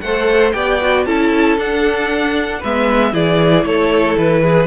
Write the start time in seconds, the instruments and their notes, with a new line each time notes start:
0.00 cello A3, viola A4, violin C5 F#5
0.52 cello B3, viola G4, violin D5 G5
0.81 viola F#4
1.05 cello C#4, viola E4, violin A4 A5
1.58 cello D4, viola D4, violin F#5
2.59 cello G#3, viola B3, violin B4 E5
3.12 cello E3, viola E4, violin G#4 D5
3.65 cello A3, violin A4 C#5
4.17 cello E3, violin B4
4.42 violin G#4